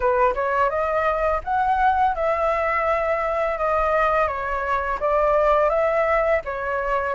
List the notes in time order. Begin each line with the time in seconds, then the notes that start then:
0.00 B4
0.34 C#5
0.69 D#5
1.44 F#5
2.15 E5
3.57 D#5
4.27 C#5
5.00 D5
5.69 E5
6.44 C#5